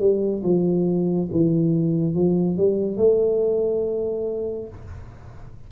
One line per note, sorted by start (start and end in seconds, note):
0.00 0.43 G3
0.44 1.29 F3
1.32 2.15 E3
2.15 2.58 F3
2.58 2.97 G3
2.97 4.69 A3